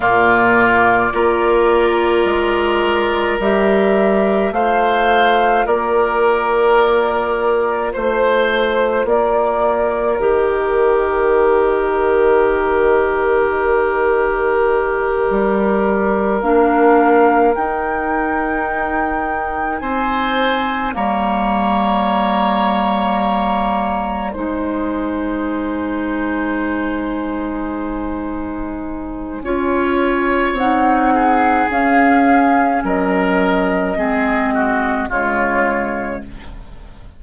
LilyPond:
<<
  \new Staff \with { instrumentName = "flute" } { \time 4/4 \tempo 4 = 53 d''2. e''4 | f''4 d''2 c''4 | d''4 dis''2.~ | dis''2~ dis''8 f''4 g''8~ |
g''4. gis''4 ais''4.~ | ais''4. gis''2~ gis''8~ | gis''2. fis''4 | f''4 dis''2 cis''4 | }
  \new Staff \with { instrumentName = "oboe" } { \time 4/4 f'4 ais'2. | c''4 ais'2 c''4 | ais'1~ | ais'1~ |
ais'4. c''4 cis''4.~ | cis''4. c''2~ c''8~ | c''2 cis''4. gis'8~ | gis'4 ais'4 gis'8 fis'8 f'4 | }
  \new Staff \with { instrumentName = "clarinet" } { \time 4/4 ais4 f'2 g'4 | f'1~ | f'4 g'2.~ | g'2~ g'8 d'4 dis'8~ |
dis'2~ dis'8 ais4.~ | ais4. dis'2~ dis'8~ | dis'2 f'4 dis'4 | cis'2 c'4 gis4 | }
  \new Staff \with { instrumentName = "bassoon" } { \time 4/4 ais,4 ais4 gis4 g4 | a4 ais2 a4 | ais4 dis2.~ | dis4. g4 ais4 dis'8~ |
dis'4. c'4 g4.~ | g4. gis2~ gis8~ | gis2 cis'4 c'4 | cis'4 fis4 gis4 cis4 | }
>>